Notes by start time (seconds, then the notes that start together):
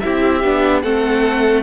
0.00 C4 E4 G4 E5
0.44 B3 D4
0.82 A3 C4 A4 F#5